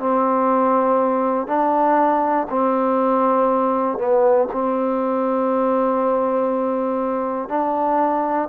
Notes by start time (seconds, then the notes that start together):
0.00 C4
1.48 D4
2.50 C4
3.99 B3
4.53 C4
7.49 D4